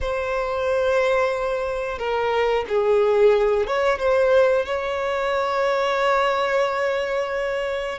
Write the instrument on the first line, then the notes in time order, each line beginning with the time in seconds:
violin
0.00 C5
1.98 A#4
2.68 G#4
3.66 C#5
3.98 C5
4.65 C#5